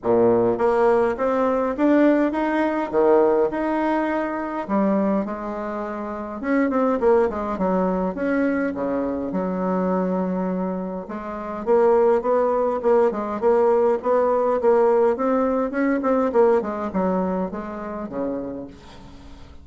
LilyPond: \new Staff \with { instrumentName = "bassoon" } { \time 4/4 \tempo 4 = 103 ais,4 ais4 c'4 d'4 | dis'4 dis4 dis'2 | g4 gis2 cis'8 c'8 | ais8 gis8 fis4 cis'4 cis4 |
fis2. gis4 | ais4 b4 ais8 gis8 ais4 | b4 ais4 c'4 cis'8 c'8 | ais8 gis8 fis4 gis4 cis4 | }